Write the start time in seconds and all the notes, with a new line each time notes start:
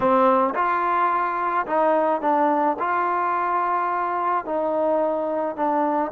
0.00 C4
0.54 F4
1.66 D#4
2.21 D4
2.79 F4
4.45 D#4
5.56 D4